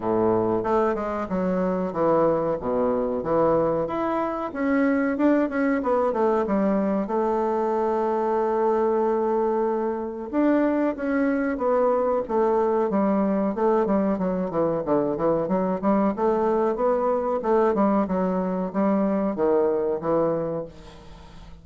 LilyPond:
\new Staff \with { instrumentName = "bassoon" } { \time 4/4 \tempo 4 = 93 a,4 a8 gis8 fis4 e4 | b,4 e4 e'4 cis'4 | d'8 cis'8 b8 a8 g4 a4~ | a1 |
d'4 cis'4 b4 a4 | g4 a8 g8 fis8 e8 d8 e8 | fis8 g8 a4 b4 a8 g8 | fis4 g4 dis4 e4 | }